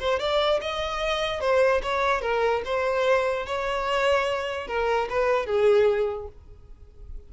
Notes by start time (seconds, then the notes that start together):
0.00 C5
0.20 D5
0.61 D#5
1.41 C5
1.83 C#5
2.22 A#4
2.65 C5
3.47 C#5
4.68 A#4
5.10 B4
5.47 G#4